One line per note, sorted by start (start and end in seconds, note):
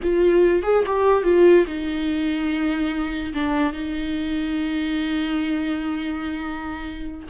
0.02 0.62 F4
0.62 0.83 G#4
0.86 1.23 G4
1.23 1.65 F4
1.66 3.33 D#4
3.33 3.73 D4
3.73 7.27 D#4